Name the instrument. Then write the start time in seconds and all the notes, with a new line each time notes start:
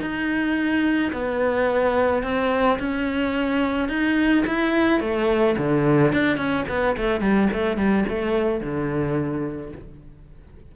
cello
0.00 D#4
1.12 B3
2.23 C4
2.79 C#4
3.88 D#4
4.46 E4
5.00 A3
5.57 D3
6.12 D4
6.37 C#4
6.68 B3
6.97 A3
7.20 G3
7.53 A3
7.77 G3
8.08 A3
8.60 D3